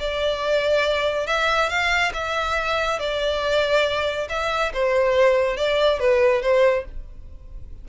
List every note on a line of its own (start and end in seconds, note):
0.00 1.27 D5
1.27 1.69 E5
1.69 2.12 F5
2.14 3.00 E5
3.00 4.28 D5
4.30 4.73 E5
4.74 5.58 C5
5.58 6.00 D5
6.00 6.42 B4
6.42 6.85 C5